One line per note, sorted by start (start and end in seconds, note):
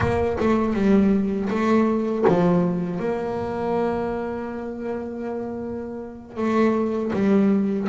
0.00 0.37 A#3
0.40 0.73 A3
0.73 1.48 G3
1.49 2.24 A3
2.27 2.99 F3
2.99 6.36 A#3
6.36 7.11 A3
7.12 7.88 G3